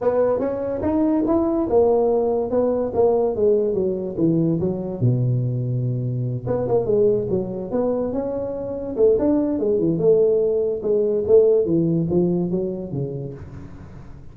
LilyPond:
\new Staff \with { instrumentName = "tuba" } { \time 4/4 \tempo 4 = 144 b4 cis'4 dis'4 e'4 | ais2 b4 ais4 | gis4 fis4 e4 fis4 | b,2.~ b,8 b8 |
ais8 gis4 fis4 b4 cis'8~ | cis'4. a8 d'4 gis8 e8 | a2 gis4 a4 | e4 f4 fis4 cis4 | }